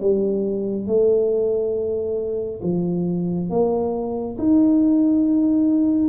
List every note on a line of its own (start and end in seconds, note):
0.00 0.87 G3
0.87 2.60 A3
2.62 3.49 F3
3.50 4.37 A#3
4.38 6.08 D#4